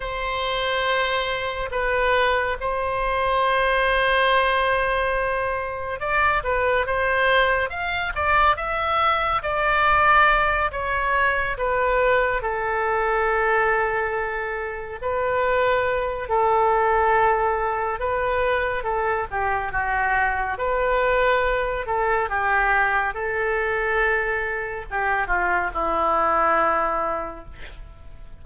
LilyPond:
\new Staff \with { instrumentName = "oboe" } { \time 4/4 \tempo 4 = 70 c''2 b'4 c''4~ | c''2. d''8 b'8 | c''4 f''8 d''8 e''4 d''4~ | d''8 cis''4 b'4 a'4.~ |
a'4. b'4. a'4~ | a'4 b'4 a'8 g'8 fis'4 | b'4. a'8 g'4 a'4~ | a'4 g'8 f'8 e'2 | }